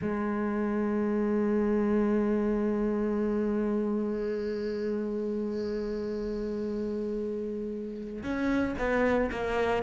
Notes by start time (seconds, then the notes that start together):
0.01 G#3
8.23 C#4
8.78 B3
9.31 A#3